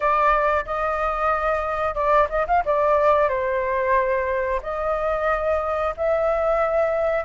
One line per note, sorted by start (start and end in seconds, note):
0.00 0.65 D5
0.65 1.95 D#5
1.95 2.27 D5
2.29 2.46 D#5
2.47 2.63 F5
2.65 3.28 D5
3.28 4.60 C5
4.62 5.94 D#5
5.96 7.24 E5